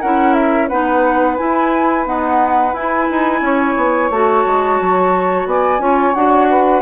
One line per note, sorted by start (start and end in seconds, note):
0.00 0.71 C#4
0.00 0.70 E4
0.00 0.68 A#4
0.00 0.34 F#5
0.34 0.68 E5
0.68 1.39 B3
0.68 1.38 D#4
0.68 3.40 B4
0.68 1.37 F#5
1.37 2.05 E4
1.37 2.07 E4
1.37 2.05 G#5
2.05 2.73 B3
2.05 2.74 D#4
2.05 2.74 F#5
2.74 3.08 E4
2.74 4.12 E4
2.74 4.10 G#5
3.11 3.41 D#4
3.41 3.75 C#4
3.41 5.48 C#5
3.77 4.10 B3
4.10 4.44 A3
4.10 5.80 F#4
4.10 5.47 A5
4.46 4.80 G#3
4.81 5.46 F#3
5.46 5.79 B3
5.46 5.80 D5
5.46 6.14 G#5
5.79 6.13 C#4
5.79 6.14 F4
5.79 6.49 C#5
6.14 6.82 D4
6.14 6.82 F#4
6.14 6.82 F#5
6.50 6.82 B4